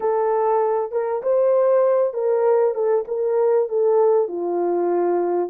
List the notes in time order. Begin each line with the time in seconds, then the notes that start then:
0.00 A4
0.91 A#4
1.22 C5
2.13 A#4
2.74 A4
3.07 A#4
3.68 A4
4.27 F4